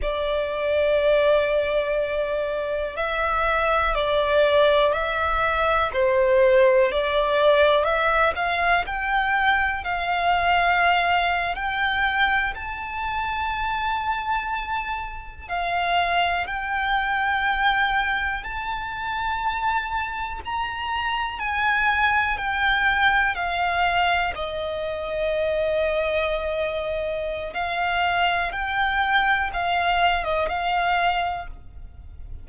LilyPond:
\new Staff \with { instrumentName = "violin" } { \time 4/4 \tempo 4 = 61 d''2. e''4 | d''4 e''4 c''4 d''4 | e''8 f''8 g''4 f''4.~ f''16 g''16~ | g''8. a''2. f''16~ |
f''8. g''2 a''4~ a''16~ | a''8. ais''4 gis''4 g''4 f''16~ | f''8. dis''2.~ dis''16 | f''4 g''4 f''8. dis''16 f''4 | }